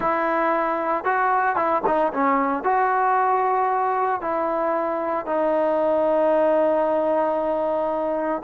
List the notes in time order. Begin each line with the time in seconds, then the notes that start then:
0.00 E4
1.04 F#4
1.56 E4
1.86 D#4
2.13 C#4
2.63 F#4
4.21 E4
5.26 D#4